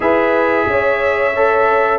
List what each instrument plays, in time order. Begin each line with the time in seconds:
0.00 tuba E4, trombone G#4, horn B4, trumpet E5
0.67 tuba C#4, horn C#5
1.35 trombone A4